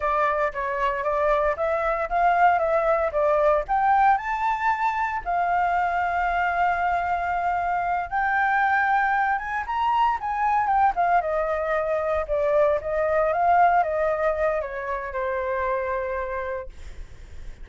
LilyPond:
\new Staff \with { instrumentName = "flute" } { \time 4/4 \tempo 4 = 115 d''4 cis''4 d''4 e''4 | f''4 e''4 d''4 g''4 | a''2 f''2~ | f''2.~ f''8 g''8~ |
g''2 gis''8 ais''4 gis''8~ | gis''8 g''8 f''8 dis''2 d''8~ | d''8 dis''4 f''4 dis''4. | cis''4 c''2. | }